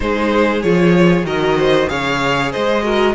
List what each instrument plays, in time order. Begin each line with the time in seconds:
0.00 cello G#3, viola D#4, violin G#4 C5
0.62 cello F3, viola F4, violin C#5
1.24 cello D#3, viola F#4, violin A#4 D#5
1.57 violin C5
1.87 cello C#3, viola G#4, violin C#5 F5
2.52 cello G#3, violin C5 D#5
2.82 viola F#4, violin A#4